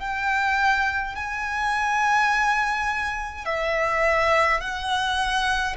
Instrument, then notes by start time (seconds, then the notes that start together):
violin
0.00 G5
1.15 G#5
3.46 E5
4.60 F#5